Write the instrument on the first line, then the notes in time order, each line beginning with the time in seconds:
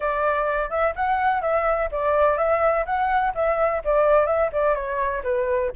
flute
0.00 D5
0.69 E5
0.95 F#5
1.41 E5
1.91 D5
2.37 E5
2.85 F#5
3.34 E5
3.84 D5
4.26 E5
4.52 D5
4.74 C#5
5.23 B4